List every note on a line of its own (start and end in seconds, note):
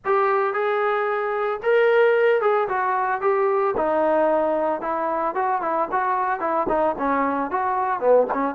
0.05 0.53 G4
0.53 1.60 G#4
1.62 2.41 A#4
2.41 2.68 G#4
2.68 3.21 F#4
3.21 3.75 G4
3.76 4.81 D#4
4.81 5.34 E4
5.34 5.61 F#4
5.61 5.88 E4
5.91 6.40 F#4
6.40 6.66 E4
6.68 6.95 D#4
6.98 7.50 C#4
7.50 8.00 F#4
8.00 8.26 B3
8.33 8.55 C#4